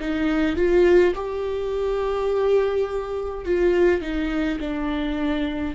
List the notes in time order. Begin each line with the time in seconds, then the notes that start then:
0.00 D#4
0.56 F4
1.15 G4
3.46 F4
4.01 D#4
4.60 D4